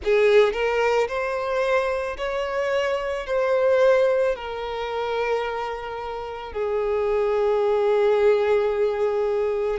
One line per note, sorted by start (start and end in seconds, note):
0.03 0.53 G#4
0.53 1.07 A#4
1.08 2.17 C5
2.17 3.26 C#5
3.26 4.35 C5
4.35 6.52 A#4
6.52 9.79 G#4